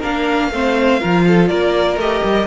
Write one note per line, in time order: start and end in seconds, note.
0.00 0.51 A#3
0.00 0.52 D4
0.00 0.49 A#4
0.00 1.48 F5
0.51 1.01 A3
0.51 1.00 C4
0.51 1.00 C5
1.00 1.51 F3
1.00 1.98 F4
1.00 1.25 A#4
1.27 1.50 A4
1.48 1.97 A#3
1.48 2.47 A#4
1.48 1.97 D5
1.97 2.21 A3
1.97 2.47 G4
1.97 2.47 D#5
2.24 2.47 G3